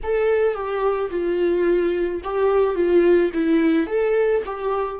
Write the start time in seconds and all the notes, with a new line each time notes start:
0.03 A4
0.54 G4
1.10 F4
2.23 G4
2.75 F4
3.33 E4
3.87 A4
4.45 G4